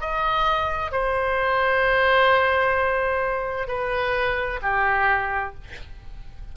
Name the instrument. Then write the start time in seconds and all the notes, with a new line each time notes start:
oboe
0.00 D#5
0.91 C5
3.67 B4
4.62 G4